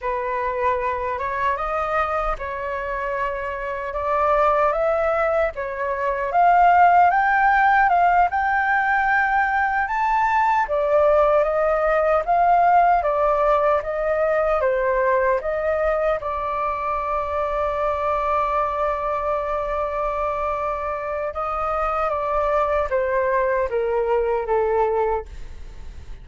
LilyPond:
\new Staff \with { instrumentName = "flute" } { \time 4/4 \tempo 4 = 76 b'4. cis''8 dis''4 cis''4~ | cis''4 d''4 e''4 cis''4 | f''4 g''4 f''8 g''4.~ | g''8 a''4 d''4 dis''4 f''8~ |
f''8 d''4 dis''4 c''4 dis''8~ | dis''8 d''2.~ d''8~ | d''2. dis''4 | d''4 c''4 ais'4 a'4 | }